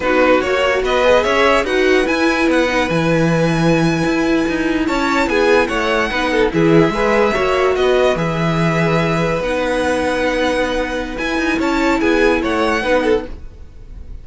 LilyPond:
<<
  \new Staff \with { instrumentName = "violin" } { \time 4/4 \tempo 4 = 145 b'4 cis''4 dis''4 e''4 | fis''4 gis''4 fis''4 gis''4~ | gis''2.~ gis''8. a''16~ | a''8. gis''4 fis''2 e''16~ |
e''2~ e''8. dis''4 e''16~ | e''2~ e''8. fis''4~ fis''16~ | fis''2. gis''4 | a''4 gis''4 fis''2 | }
  \new Staff \with { instrumentName = "violin" } { \time 4/4 fis'2 b'4 cis''4 | b'1~ | b'2.~ b'8. cis''16~ | cis''8. gis'4 cis''4 b'8 a'8 gis'16~ |
gis'8. b'4 cis''4 b'4~ b'16~ | b'1~ | b'1 | cis''4 gis'4 cis''4 b'8 a'8 | }
  \new Staff \with { instrumentName = "viola" } { \time 4/4 dis'4 fis'4. gis'4. | fis'4 e'4. dis'8 e'4~ | e'1~ | e'2~ e'8. dis'4 e'16~ |
e'8. gis'4 fis'2 gis'16~ | gis'2~ gis'8. dis'4~ dis'16~ | dis'2. e'4~ | e'2. dis'4 | }
  \new Staff \with { instrumentName = "cello" } { \time 4/4 b4 ais4 b4 cis'4 | dis'4 e'4 b4 e4~ | e4.~ e16 e'4 dis'4 cis'16~ | cis'8. b4 a4 b4 e16~ |
e8. gis4 ais4 b4 e16~ | e2~ e8. b4~ b16~ | b2. e'8 dis'8 | cis'4 b4 a4 b4 | }
>>